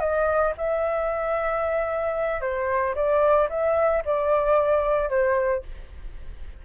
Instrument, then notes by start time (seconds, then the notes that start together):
flute
0.00 D#5
0.58 E5
2.41 C5
2.95 D5
3.50 E5
4.05 D5
5.09 C5